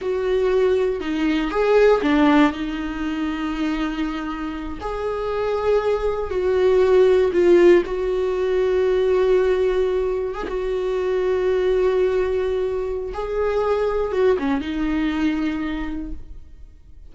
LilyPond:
\new Staff \with { instrumentName = "viola" } { \time 4/4 \tempo 4 = 119 fis'2 dis'4 gis'4 | d'4 dis'2.~ | dis'4. gis'2~ gis'8~ | gis'8 fis'2 f'4 fis'8~ |
fis'1~ | fis'8 gis'16 fis'2.~ fis'16~ | fis'2 gis'2 | fis'8 cis'8 dis'2. | }